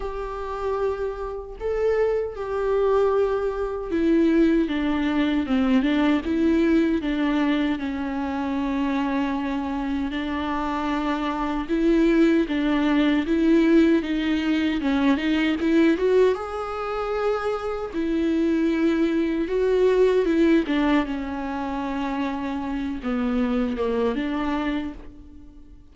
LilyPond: \new Staff \with { instrumentName = "viola" } { \time 4/4 \tempo 4 = 77 g'2 a'4 g'4~ | g'4 e'4 d'4 c'8 d'8 | e'4 d'4 cis'2~ | cis'4 d'2 e'4 |
d'4 e'4 dis'4 cis'8 dis'8 | e'8 fis'8 gis'2 e'4~ | e'4 fis'4 e'8 d'8 cis'4~ | cis'4. b4 ais8 d'4 | }